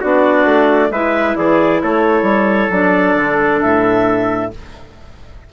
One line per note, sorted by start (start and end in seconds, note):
0.00 0.45 B3
0.00 0.91 D4
0.00 0.90 F#4
0.00 0.91 D5
0.45 0.90 A3
0.90 1.35 G#3
0.90 2.71 E4
0.90 1.36 B4
0.90 1.36 E5
1.36 1.82 E3
1.36 1.83 G#4
1.36 1.81 D5
1.82 2.22 A3
1.82 4.52 A4
1.82 2.72 C#5
2.22 2.67 G3
2.70 3.14 F#3
2.70 4.51 D4
2.70 3.61 D5
3.14 3.59 D3
3.61 4.52 A2
3.61 4.50 E5